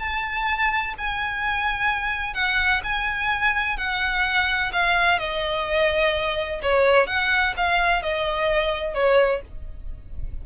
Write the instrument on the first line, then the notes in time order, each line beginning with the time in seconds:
violin
0.00 A5
0.98 G#5
2.34 F#5
2.84 G#5
3.78 F#5
4.73 F5
5.19 D#5
6.63 C#5
7.07 F#5
7.57 F5
8.03 D#5
8.95 C#5